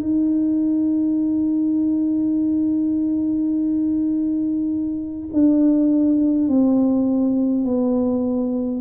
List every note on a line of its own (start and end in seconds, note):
0.00 5.29 D#4
5.33 6.48 D4
6.48 7.64 C4
7.64 8.81 B3